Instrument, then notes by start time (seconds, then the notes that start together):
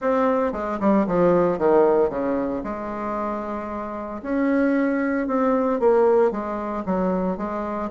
bassoon
0.01 C4
0.52 G#3
0.79 G3
1.06 F3
1.58 D#3
2.09 C#3
2.63 G#3
4.22 C#4
5.27 C4
5.79 A#3
6.31 G#3
6.85 F#3
7.37 G#3